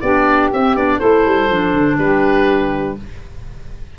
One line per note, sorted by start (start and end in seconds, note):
0.00 0.51 B3
0.00 0.52 D4
0.00 0.97 G4
0.00 0.49 D5
0.52 0.75 C4
0.52 0.76 C4
0.52 0.76 E5
0.75 0.99 B3
0.75 0.99 D4
0.75 0.99 D5
0.97 1.26 A3
0.97 1.48 E4
0.97 1.95 A4
0.97 1.96 C5
1.26 1.49 G3
1.49 1.73 F3
1.49 2.97 D4
1.73 1.97 D3
1.98 2.96 G3
1.98 2.98 G4
1.98 2.96 B4